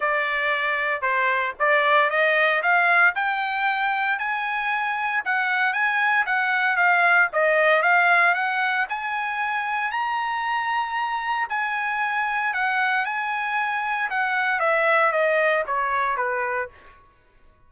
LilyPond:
\new Staff \with { instrumentName = "trumpet" } { \time 4/4 \tempo 4 = 115 d''2 c''4 d''4 | dis''4 f''4 g''2 | gis''2 fis''4 gis''4 | fis''4 f''4 dis''4 f''4 |
fis''4 gis''2 ais''4~ | ais''2 gis''2 | fis''4 gis''2 fis''4 | e''4 dis''4 cis''4 b'4 | }